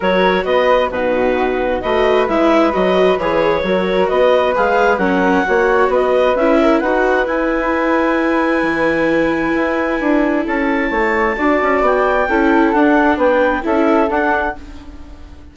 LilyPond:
<<
  \new Staff \with { instrumentName = "clarinet" } { \time 4/4 \tempo 4 = 132 cis''4 dis''4 b'2 | dis''4 e''4 dis''4 cis''4~ | cis''4 dis''4 f''4 fis''4~ | fis''4 dis''4 e''4 fis''4 |
gis''1~ | gis''2. a''4~ | a''2 g''2 | fis''4 g''4 e''4 fis''4 | }
  \new Staff \with { instrumentName = "flute" } { \time 4/4 ais'4 b'4 fis'2 | b'1 | ais'4 b'2 ais'4 | cis''4 b'4. ais'8 b'4~ |
b'1~ | b'2. a'4 | cis''4 d''2 a'4~ | a'4 b'4 a'2 | }
  \new Staff \with { instrumentName = "viola" } { \time 4/4 fis'2 dis'2 | fis'4 e'4 fis'4 gis'4 | fis'2 gis'4 cis'4 | fis'2 e'4 fis'4 |
e'1~ | e'1~ | e'4 fis'2 e'4 | d'2 e'4 d'4 | }
  \new Staff \with { instrumentName = "bassoon" } { \time 4/4 fis4 b4 b,2 | a4 gis4 fis4 e4 | fis4 b4 gis4 fis4 | ais4 b4 cis'4 dis'4 |
e'2. e4~ | e4 e'4 d'4 cis'4 | a4 d'8 cis'8 b4 cis'4 | d'4 b4 cis'4 d'4 | }
>>